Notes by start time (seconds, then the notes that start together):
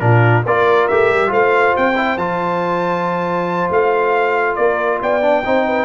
0.00 A#2 D4 F4 A#4
0.45 A#3 F4 A#4 D5
0.88 A3 G4 E5
1.10 G3
1.28 A3 F4 C5 F5
1.77 C4 G5
1.96 E4
2.17 F3 F4 A5
3.70 A3 F5
4.56 A#3 A#4 D5
5.02 B3 D5 G5
5.22 D4
5.45 C4 D#4 C5
5.67 B4